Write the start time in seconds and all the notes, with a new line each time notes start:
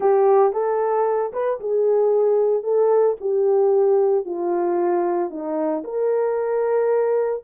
0.00 G4
0.52 A4
1.33 B4
1.60 G#4
2.63 A4
3.20 G4
4.25 F4
5.30 D#4
5.84 A#4